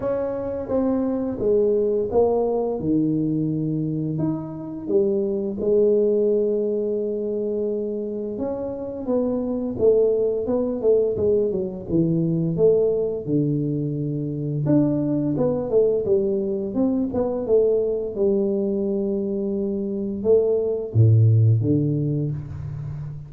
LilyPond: \new Staff \with { instrumentName = "tuba" } { \time 4/4 \tempo 4 = 86 cis'4 c'4 gis4 ais4 | dis2 dis'4 g4 | gis1 | cis'4 b4 a4 b8 a8 |
gis8 fis8 e4 a4 d4~ | d4 d'4 b8 a8 g4 | c'8 b8 a4 g2~ | g4 a4 a,4 d4 | }